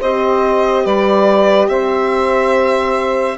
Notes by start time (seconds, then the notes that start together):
0.00 C4 G4 C5 D#5
0.84 G3 B4 D5
1.68 C4 C5 E5